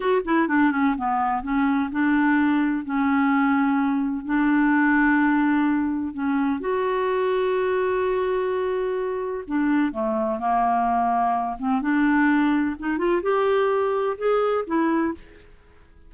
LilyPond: \new Staff \with { instrumentName = "clarinet" } { \time 4/4 \tempo 4 = 127 fis'8 e'8 d'8 cis'8 b4 cis'4 | d'2 cis'2~ | cis'4 d'2.~ | d'4 cis'4 fis'2~ |
fis'1 | d'4 a4 ais2~ | ais8 c'8 d'2 dis'8 f'8 | g'2 gis'4 e'4 | }